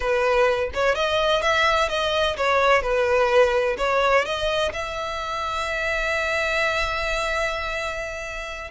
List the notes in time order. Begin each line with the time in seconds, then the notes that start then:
0.00 B4
0.73 C#5
0.95 D#5
1.42 E5
1.89 D#5
2.36 C#5
2.82 B4
3.77 C#5
4.25 D#5
4.73 E5